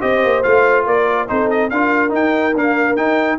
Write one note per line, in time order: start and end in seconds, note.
0.00 0.23 C4
0.00 0.42 G4
0.00 0.85 C5
0.00 0.42 D#5
0.23 0.44 A#3
0.42 0.86 A3
0.42 1.27 F4
0.42 0.85 F5
0.86 1.28 A#3
0.86 1.28 A#4
0.86 1.28 D5
1.27 1.71 C4
1.27 1.70 D#4
1.27 1.72 A4
1.27 1.49 C5
1.50 1.69 D#5
1.69 2.12 D4
1.69 2.09 F4
1.69 3.39 A#4
1.69 2.11 F5
2.09 2.51 D#4
2.09 2.54 D#4
2.09 2.56 G5
2.55 2.96 A#3
2.55 2.96 D4
2.55 2.96 F5
2.96 3.38 D#4
2.96 3.39 D#4
2.96 3.38 G5